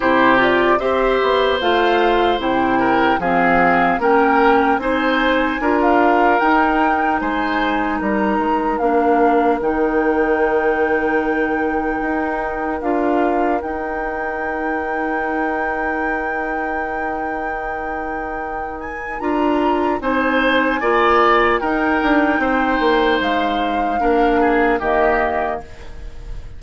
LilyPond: <<
  \new Staff \with { instrumentName = "flute" } { \time 4/4 \tempo 4 = 75 c''8 d''8 e''4 f''4 g''4 | f''4 g''4 gis''4~ gis''16 f''8. | g''4 gis''4 ais''4 f''4 | g''1 |
f''4 g''2.~ | g''2.~ g''8 gis''8 | ais''4 gis''2 g''4~ | g''4 f''2 dis''4 | }
  \new Staff \with { instrumentName = "oboe" } { \time 4/4 g'4 c''2~ c''8 ais'8 | gis'4 ais'4 c''4 ais'4~ | ais'4 c''4 ais'2~ | ais'1~ |
ais'1~ | ais'1~ | ais'4 c''4 d''4 ais'4 | c''2 ais'8 gis'8 g'4 | }
  \new Staff \with { instrumentName = "clarinet" } { \time 4/4 e'8 f'8 g'4 f'4 e'4 | c'4 cis'4 dis'4 f'4 | dis'2. d'4 | dis'1 |
f'4 dis'2.~ | dis'1 | f'4 dis'4 f'4 dis'4~ | dis'2 d'4 ais4 | }
  \new Staff \with { instrumentName = "bassoon" } { \time 4/4 c4 c'8 b8 a4 c4 | f4 ais4 c'4 d'4 | dis'4 gis4 g8 gis8 ais4 | dis2. dis'4 |
d'4 dis'2.~ | dis'1 | d'4 c'4 ais4 dis'8 d'8 | c'8 ais8 gis4 ais4 dis4 | }
>>